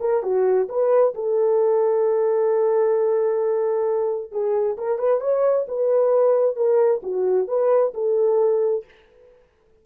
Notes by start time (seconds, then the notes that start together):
0.00 A#4
0.23 F#4
0.69 B4
1.14 A4
4.32 G#4
4.77 A#4
4.98 B4
5.20 C#5
5.68 B4
6.56 A#4
7.03 F#4
7.48 B4
7.94 A4